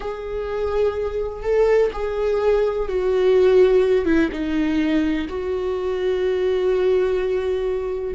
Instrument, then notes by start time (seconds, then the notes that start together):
viola
0.00 G#4
1.43 A4
1.92 G#4
2.88 F#4
4.05 E4
4.32 D#4
5.28 F#4